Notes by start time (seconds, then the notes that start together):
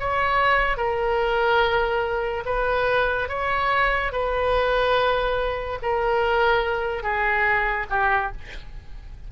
0.00 C#5
0.77 A#4
2.46 B4
3.29 C#5
4.12 B4
5.82 A#4
7.03 G#4
7.90 G4